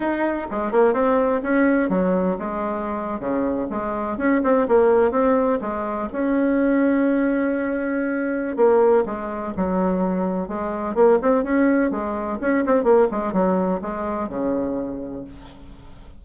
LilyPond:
\new Staff \with { instrumentName = "bassoon" } { \time 4/4 \tempo 4 = 126 dis'4 gis8 ais8 c'4 cis'4 | fis4 gis4.~ gis16 cis4 gis16~ | gis8. cis'8 c'8 ais4 c'4 gis16~ | gis8. cis'2.~ cis'16~ |
cis'2 ais4 gis4 | fis2 gis4 ais8 c'8 | cis'4 gis4 cis'8 c'8 ais8 gis8 | fis4 gis4 cis2 | }